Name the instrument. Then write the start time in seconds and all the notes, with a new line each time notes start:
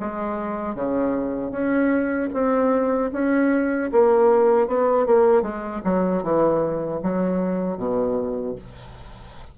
bassoon
0.00 G#3
0.75 C#3
1.52 C#4
2.33 C4
3.13 C#4
3.92 A#3
4.68 B3
5.06 A#3
5.43 G#3
5.84 F#3
6.23 E3
7.03 F#3
7.77 B2